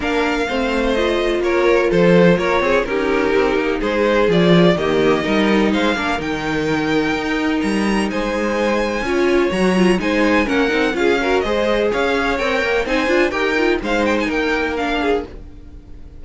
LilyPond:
<<
  \new Staff \with { instrumentName = "violin" } { \time 4/4 \tempo 4 = 126 f''2 dis''4 cis''4 | c''4 cis''4 ais'2 | c''4 d''4 dis''2 | f''4 g''2. |
ais''4 gis''2. | ais''4 gis''4 fis''4 f''4 | dis''4 f''4 g''4 gis''4 | g''4 f''8 g''16 gis''16 g''4 f''4 | }
  \new Staff \with { instrumentName = "violin" } { \time 4/4 ais'4 c''2 ais'4 | a'4 ais'8 gis'8 g'2 | gis'2 g'4 ais'4 | c''8 ais'2.~ ais'8~ |
ais'4 c''2 cis''4~ | cis''4 c''4 ais'4 gis'8 ais'8 | c''4 cis''2 c''4 | ais'4 c''4 ais'4. gis'8 | }
  \new Staff \with { instrumentName = "viola" } { \time 4/4 d'4 c'4 f'2~ | f'2 dis'2~ | dis'4 f'4 ais4 dis'4~ | dis'8 d'8 dis'2.~ |
dis'2. f'4 | fis'8 f'8 dis'4 cis'8 dis'8 f'8 fis'8 | gis'2 ais'4 dis'8 f'8 | g'8 f'8 dis'2 d'4 | }
  \new Staff \with { instrumentName = "cello" } { \time 4/4 ais4 a2 ais4 | f4 ais8 c'8 cis'4 c'8 ais8 | gis4 f4 dis4 g4 | gis8 ais8 dis2 dis'4 |
g4 gis2 cis'4 | fis4 gis4 ais8 c'8 cis'4 | gis4 cis'4 c'8 ais8 c'8 d'8 | dis'4 gis4 ais2 | }
>>